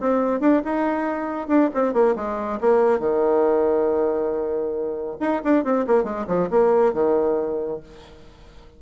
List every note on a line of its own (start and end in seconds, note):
0.00 0.40 C4
0.40 0.62 D4
0.64 1.48 D#4
1.48 1.69 D4
1.74 1.93 C4
1.93 2.15 A#3
2.16 2.59 G#3
2.61 2.99 A#3
2.99 5.17 D#3
5.20 5.42 D#4
5.44 5.64 D4
5.64 5.86 C4
5.87 6.04 A#3
6.04 6.25 G#3
6.27 6.49 F3
6.50 6.93 A#3
6.93 7.80 D#3